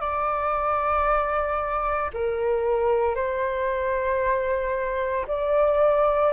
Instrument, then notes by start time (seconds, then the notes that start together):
flute
0.00 D5
2.13 A#4
3.15 C5
5.27 D5